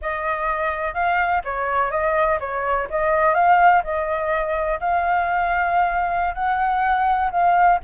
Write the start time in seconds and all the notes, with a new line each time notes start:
0.01 D#5
0.94 F5
1.44 C#5
1.90 D#5
2.40 C#5
2.90 D#5
3.34 F5
3.83 D#5
4.79 F5
6.34 F#5
7.31 F5